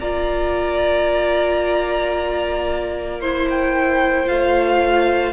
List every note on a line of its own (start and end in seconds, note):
0.00 4.29 A#3
0.00 3.22 F4
0.00 3.21 D5
0.00 3.21 A#5
3.21 4.27 E4
3.21 5.33 C5
3.21 3.48 C6
3.50 4.28 G5
4.27 5.33 A3
4.27 5.33 F4
4.27 5.33 F5